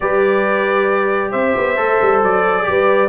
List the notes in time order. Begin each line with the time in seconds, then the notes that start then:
0.00 G3 G4 B4 D5
1.31 C4 C5 E5
1.56 B3
1.76 A3 A4
2.01 G3
2.22 F#3 D5
2.63 G3 G4 B4